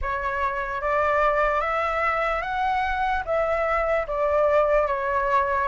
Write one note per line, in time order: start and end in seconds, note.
0.01 0.81 C#5
0.81 1.60 D5
1.60 2.41 E5
2.42 3.23 F#5
3.25 4.06 E5
4.07 4.87 D5
4.87 5.68 C#5